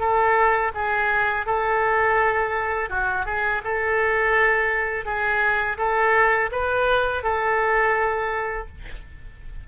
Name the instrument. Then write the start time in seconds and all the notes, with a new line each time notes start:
oboe
0.00 A4
0.75 G#4
1.47 A4
2.90 F#4
3.26 G#4
3.64 A4
5.05 G#4
5.78 A4
6.52 B4
7.24 A4